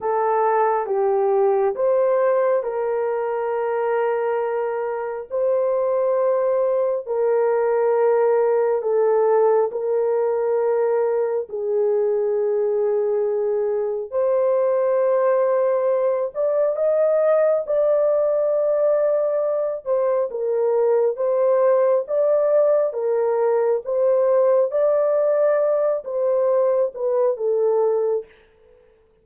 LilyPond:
\new Staff \with { instrumentName = "horn" } { \time 4/4 \tempo 4 = 68 a'4 g'4 c''4 ais'4~ | ais'2 c''2 | ais'2 a'4 ais'4~ | ais'4 gis'2. |
c''2~ c''8 d''8 dis''4 | d''2~ d''8 c''8 ais'4 | c''4 d''4 ais'4 c''4 | d''4. c''4 b'8 a'4 | }